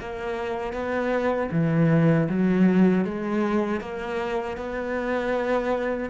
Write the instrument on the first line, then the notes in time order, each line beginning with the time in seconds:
cello
0.00 A#3
0.73 B3
1.51 E3
2.29 F#3
3.04 G#3
3.80 A#3
4.57 B3